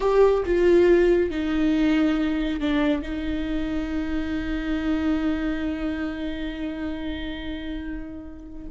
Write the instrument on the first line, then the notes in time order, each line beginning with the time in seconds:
viola
0.00 G4
0.45 F4
1.30 D#4
2.60 D4
3.02 D#4